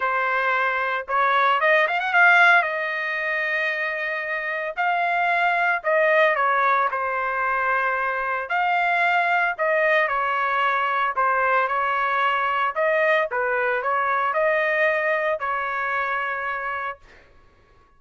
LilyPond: \new Staff \with { instrumentName = "trumpet" } { \time 4/4 \tempo 4 = 113 c''2 cis''4 dis''8 f''16 fis''16 | f''4 dis''2.~ | dis''4 f''2 dis''4 | cis''4 c''2. |
f''2 dis''4 cis''4~ | cis''4 c''4 cis''2 | dis''4 b'4 cis''4 dis''4~ | dis''4 cis''2. | }